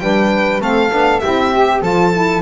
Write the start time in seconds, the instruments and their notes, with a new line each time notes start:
0.00 double bass G3, saxophone D4, flute B4, violin G5
0.61 double bass A3, saxophone C4, flute A4, violin F5
0.90 double bass B3, saxophone D4
1.20 double bass C4, saxophone E4, flute G4, violin E5
1.53 saxophone G4
1.82 double bass F3, saxophone F4, flute A4, violin A5
2.13 saxophone E4